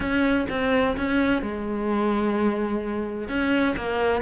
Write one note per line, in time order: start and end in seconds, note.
0.00 0.46 C#4
0.49 0.96 C4
0.97 1.41 C#4
1.41 3.28 G#3
3.28 3.75 C#4
3.76 4.21 A#3